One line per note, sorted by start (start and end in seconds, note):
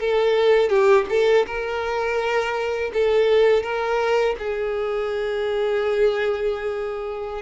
0.00 0.70 A4
0.70 1.06 G4
1.10 1.46 A4
1.47 2.91 A#4
2.93 3.63 A4
3.63 4.35 A#4
4.39 7.42 G#4